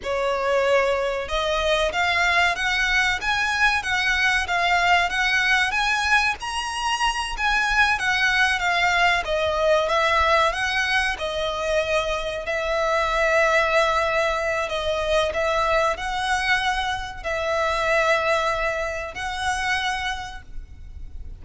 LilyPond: \new Staff \with { instrumentName = "violin" } { \time 4/4 \tempo 4 = 94 cis''2 dis''4 f''4 | fis''4 gis''4 fis''4 f''4 | fis''4 gis''4 ais''4. gis''8~ | gis''8 fis''4 f''4 dis''4 e''8~ |
e''8 fis''4 dis''2 e''8~ | e''2. dis''4 | e''4 fis''2 e''4~ | e''2 fis''2 | }